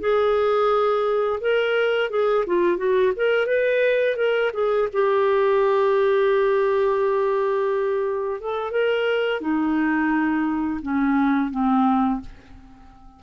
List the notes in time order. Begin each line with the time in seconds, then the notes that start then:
0.00 G#4
1.40 A#4
2.10 G#4
2.46 F4
2.77 F#4
3.16 A#4
3.47 B4
4.16 A#4
4.53 G#4
4.92 G4
8.40 A4
8.71 A#4
9.41 D#4
10.82 C#4
11.51 C4